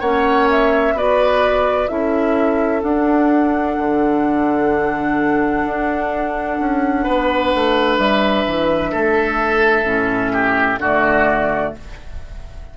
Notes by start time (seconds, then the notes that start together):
0.00 A#3 C#4 C#5 F#5
0.51 E5
0.93 B3 F#4 B4 D5
1.88 C#4 E4 A4 E5
2.83 D4 F#5
3.79 D3
5.66 D4
6.60 C#4
7.04 B3 B4
7.54 A3
7.98 G3 E5
8.46 E3
8.92 A3 A4
9.84 A2 C#4
10.33 G4
10.78 D3 F#4 D5
10.84 A3